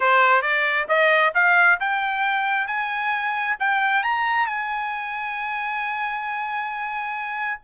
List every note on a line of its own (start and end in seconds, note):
0.00 0.42 C5
0.42 0.86 D5
0.88 1.33 D#5
1.34 1.79 F5
1.80 2.67 G5
2.67 3.56 G#5
3.59 4.03 G5
4.03 4.46 A#5
4.46 7.60 G#5